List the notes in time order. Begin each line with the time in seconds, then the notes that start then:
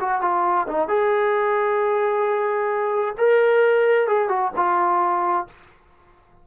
0.00 F#4
0.21 F4
0.68 D#4
0.88 G#4
3.18 A#4
4.08 G#4
4.29 F#4
4.56 F4